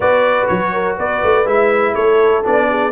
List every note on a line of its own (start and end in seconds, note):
0.00 0.46 B3
0.00 1.45 F#4
0.00 0.72 B4
0.00 0.47 D5
0.47 0.98 F#3
0.47 0.96 C#5
0.72 0.97 A#4
0.98 1.22 B3
0.98 1.94 B4
0.98 1.47 D5
1.23 1.45 A3
1.45 1.94 G#3
1.45 2.42 E4
1.45 1.94 E5
1.94 2.44 A3
1.94 2.67 A4
1.94 2.43 C#5
2.43 2.91 B3
2.43 2.91 D4
2.43 2.91 D5
2.69 2.91 G#4